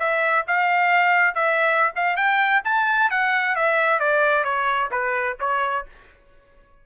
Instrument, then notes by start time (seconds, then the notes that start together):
trumpet
0.00 E5
0.48 F5
1.35 E5
1.96 F5
2.17 G5
2.65 A5
3.11 F#5
3.56 E5
4.00 D5
4.44 C#5
4.92 B4
5.41 C#5